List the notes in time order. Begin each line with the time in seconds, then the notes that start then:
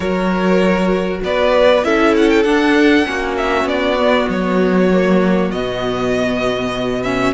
0.00 F#3 F#4 A#4 C#5
1.23 B3 B4 D5
1.84 C#4 E4 A4 E5
2.16 F#5
2.29 G5
2.43 D4 F#5
3.05 A#3 C#4 F#4
3.37 E5
3.64 B3 D5
3.99 B3
4.28 F#3 C#5
4.92 A#3
5.51 B2 B3 D#5
7.02 C#4 E5